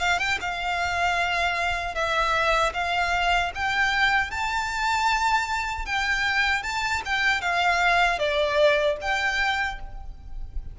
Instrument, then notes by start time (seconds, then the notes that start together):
violin
0.00 F5
0.19 G5
0.41 F5
1.95 E5
2.74 F5
3.55 G5
4.31 A5
5.86 G5
6.63 A5
7.06 G5
7.41 F5
8.19 D5
9.02 G5